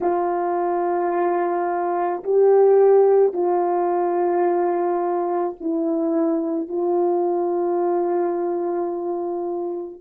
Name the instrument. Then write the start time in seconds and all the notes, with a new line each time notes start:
horn
0.01 F4
2.23 G4
3.33 F4
5.60 E4
6.68 F4